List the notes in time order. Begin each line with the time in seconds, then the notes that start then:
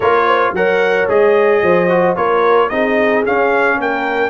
0.00 A#3 F4 A#4 C#5
0.26 C5
0.52 F#3 A#4 C#5 F#5
1.08 G#3 G#4 D#5
1.62 F3 C5
1.88 F#4
2.15 A#3 F4 A#4 C#5
2.69 C4 D#4 G#4 D#5
3.25 C#4 F5
3.76 A#3 A#4 G5